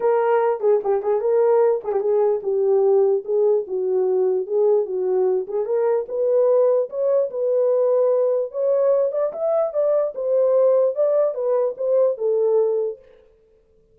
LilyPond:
\new Staff \with { instrumentName = "horn" } { \time 4/4 \tempo 4 = 148 ais'4. gis'8 g'8 gis'8 ais'4~ | ais'8 gis'16 g'16 gis'4 g'2 | gis'4 fis'2 gis'4 | fis'4. gis'8 ais'4 b'4~ |
b'4 cis''4 b'2~ | b'4 cis''4. d''8 e''4 | d''4 c''2 d''4 | b'4 c''4 a'2 | }